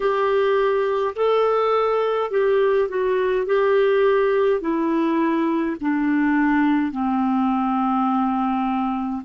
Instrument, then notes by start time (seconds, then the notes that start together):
clarinet
0.00 G4
1.15 A4
2.31 G4
2.88 F#4
3.46 G4
4.60 E4
5.80 D4
6.91 C4